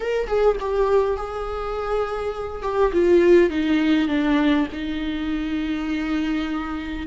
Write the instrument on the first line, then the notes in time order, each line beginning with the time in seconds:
viola
0.00 A#4
0.27 G#4
0.60 G4
1.16 G#4
2.62 G4
2.92 F4
3.50 D#4
4.07 D4
4.72 D#4